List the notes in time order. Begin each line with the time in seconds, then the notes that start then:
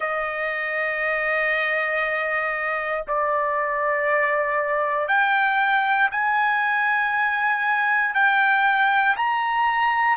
0.00 D#5
3.07 D5
5.08 G5
6.11 G#5
8.14 G5
9.16 A#5